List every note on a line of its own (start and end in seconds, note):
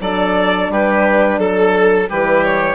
0.00 0.69 F#3
0.00 2.10 D4
0.00 0.72 A4
0.00 0.71 D5
0.69 1.39 G3
0.69 1.40 G4
0.69 1.39 B4
1.39 2.08 F#3
1.39 2.09 A4
2.09 2.75 E3
2.09 2.75 G3
2.09 2.75 G4
2.09 2.44 B4
2.44 2.75 C#5